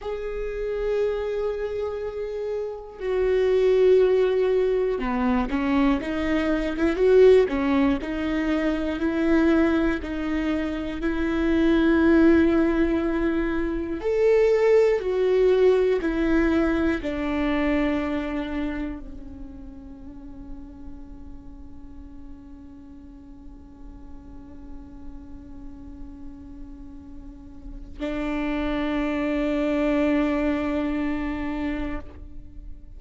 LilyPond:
\new Staff \with { instrumentName = "viola" } { \time 4/4 \tempo 4 = 60 gis'2. fis'4~ | fis'4 b8 cis'8 dis'8. e'16 fis'8 cis'8 | dis'4 e'4 dis'4 e'4~ | e'2 a'4 fis'4 |
e'4 d'2 cis'4~ | cis'1~ | cis'1 | d'1 | }